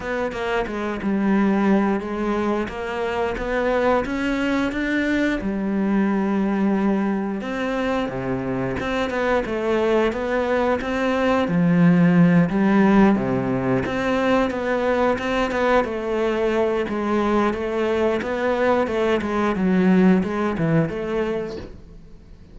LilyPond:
\new Staff \with { instrumentName = "cello" } { \time 4/4 \tempo 4 = 89 b8 ais8 gis8 g4. gis4 | ais4 b4 cis'4 d'4 | g2. c'4 | c4 c'8 b8 a4 b4 |
c'4 f4. g4 c8~ | c8 c'4 b4 c'8 b8 a8~ | a4 gis4 a4 b4 | a8 gis8 fis4 gis8 e8 a4 | }